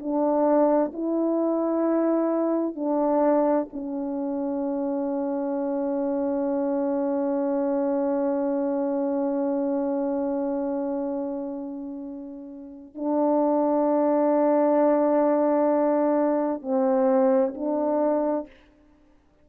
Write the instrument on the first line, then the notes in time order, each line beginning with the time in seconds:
horn
0.00 D4
0.94 E4
2.76 D4
3.73 C#4
12.95 D4
16.62 C4
17.55 D4